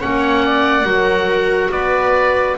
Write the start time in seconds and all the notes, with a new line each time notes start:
0.00 A#3 C#4 C#5 F#5
0.45 D5
0.84 F#3 F#4 A#4
1.70 B3 B4 D5